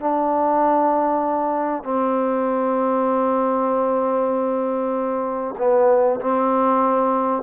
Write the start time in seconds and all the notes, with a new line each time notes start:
0.00 D4
1.83 C4
5.58 B3
6.21 C4